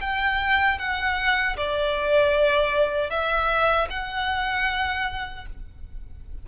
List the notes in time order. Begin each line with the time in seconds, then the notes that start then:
0.00 G5
0.78 F#5
1.56 D5
3.10 E5
3.90 F#5